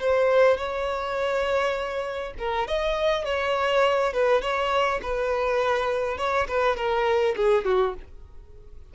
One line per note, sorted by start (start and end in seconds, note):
0.00 0.57 C5
0.57 2.34 C#5
2.39 2.67 A#4
2.67 3.25 D#5
3.25 4.13 C#5
4.13 4.42 B4
4.42 5.01 C#5
5.02 6.18 B4
6.18 6.47 C#5
6.48 6.76 B4
6.76 7.35 A#4
7.36 7.65 G#4
7.65 7.94 F#4